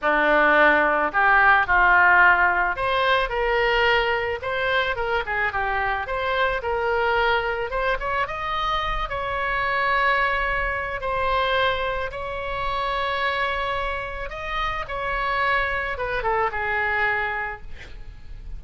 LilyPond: \new Staff \with { instrumentName = "oboe" } { \time 4/4 \tempo 4 = 109 d'2 g'4 f'4~ | f'4 c''4 ais'2 | c''4 ais'8 gis'8 g'4 c''4 | ais'2 c''8 cis''8 dis''4~ |
dis''8 cis''2.~ cis''8 | c''2 cis''2~ | cis''2 dis''4 cis''4~ | cis''4 b'8 a'8 gis'2 | }